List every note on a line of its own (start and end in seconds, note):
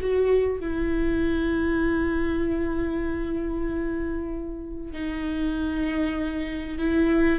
0.00 0.60 F#4
0.60 4.92 E4
4.92 6.78 D#4
6.78 7.39 E4